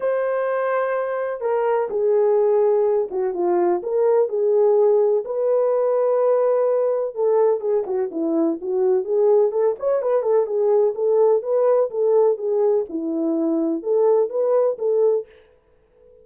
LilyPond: \new Staff \with { instrumentName = "horn" } { \time 4/4 \tempo 4 = 126 c''2. ais'4 | gis'2~ gis'8 fis'8 f'4 | ais'4 gis'2 b'4~ | b'2. a'4 |
gis'8 fis'8 e'4 fis'4 gis'4 | a'8 cis''8 b'8 a'8 gis'4 a'4 | b'4 a'4 gis'4 e'4~ | e'4 a'4 b'4 a'4 | }